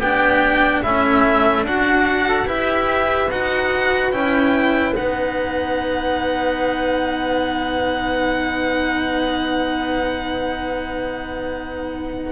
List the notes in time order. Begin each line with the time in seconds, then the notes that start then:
0.00 B3 D4 G4 G5
0.82 A3 C#4 E4 E5
1.63 D4 F#4 F#5
2.28 A4
2.46 E4 G4 B4 E5
3.31 D#4 F#4 F#5
4.12 C#4 E4 G5
4.96 B3 D#4 F#5